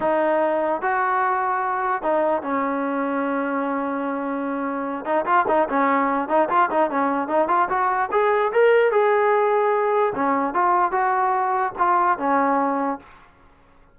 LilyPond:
\new Staff \with { instrumentName = "trombone" } { \time 4/4 \tempo 4 = 148 dis'2 fis'2~ | fis'4 dis'4 cis'2~ | cis'1~ | cis'8 dis'8 f'8 dis'8 cis'4. dis'8 |
f'8 dis'8 cis'4 dis'8 f'8 fis'4 | gis'4 ais'4 gis'2~ | gis'4 cis'4 f'4 fis'4~ | fis'4 f'4 cis'2 | }